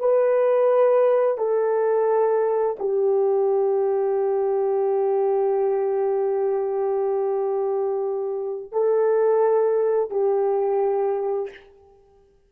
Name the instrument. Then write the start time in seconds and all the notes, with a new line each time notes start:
horn
0.00 B4
1.38 A4
2.79 G4
8.72 A4
10.11 G4